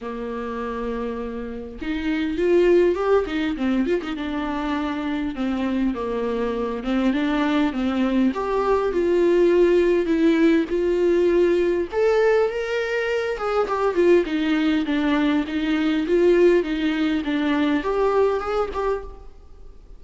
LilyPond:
\new Staff \with { instrumentName = "viola" } { \time 4/4 \tempo 4 = 101 ais2. dis'4 | f'4 g'8 dis'8 c'8 f'16 dis'16 d'4~ | d'4 c'4 ais4. c'8 | d'4 c'4 g'4 f'4~ |
f'4 e'4 f'2 | a'4 ais'4. gis'8 g'8 f'8 | dis'4 d'4 dis'4 f'4 | dis'4 d'4 g'4 gis'8 g'8 | }